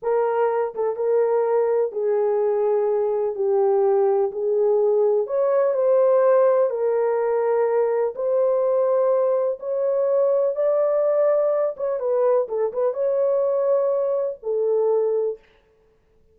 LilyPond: \new Staff \with { instrumentName = "horn" } { \time 4/4 \tempo 4 = 125 ais'4. a'8 ais'2 | gis'2. g'4~ | g'4 gis'2 cis''4 | c''2 ais'2~ |
ais'4 c''2. | cis''2 d''2~ | d''8 cis''8 b'4 a'8 b'8 cis''4~ | cis''2 a'2 | }